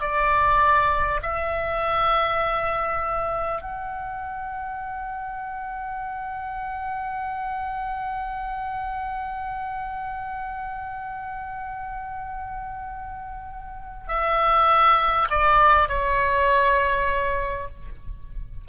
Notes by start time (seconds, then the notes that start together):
0.00 D5
1.22 E5
3.61 F#5
14.07 E5
15.30 D5
15.88 C#5